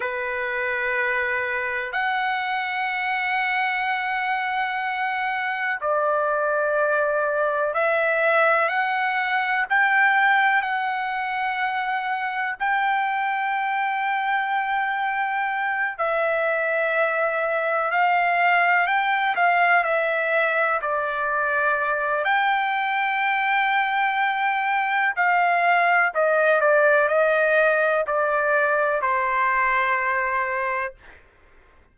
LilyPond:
\new Staff \with { instrumentName = "trumpet" } { \time 4/4 \tempo 4 = 62 b'2 fis''2~ | fis''2 d''2 | e''4 fis''4 g''4 fis''4~ | fis''4 g''2.~ |
g''8 e''2 f''4 g''8 | f''8 e''4 d''4. g''4~ | g''2 f''4 dis''8 d''8 | dis''4 d''4 c''2 | }